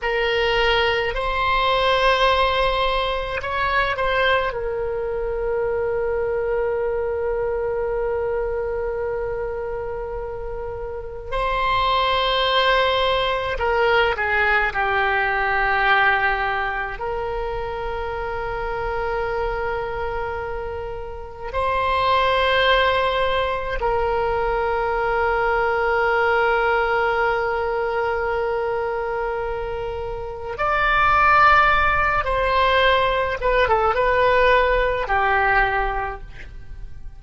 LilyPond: \new Staff \with { instrumentName = "oboe" } { \time 4/4 \tempo 4 = 53 ais'4 c''2 cis''8 c''8 | ais'1~ | ais'2 c''2 | ais'8 gis'8 g'2 ais'4~ |
ais'2. c''4~ | c''4 ais'2.~ | ais'2. d''4~ | d''8 c''4 b'16 a'16 b'4 g'4 | }